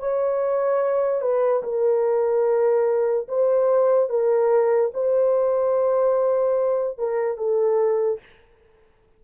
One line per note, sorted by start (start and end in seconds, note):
0.00 1.22 C#5
1.22 1.63 B4
1.64 3.28 A#4
3.28 4.10 C5
4.10 4.92 A#4
4.94 6.99 C5
6.99 7.37 A#4
7.37 8.20 A4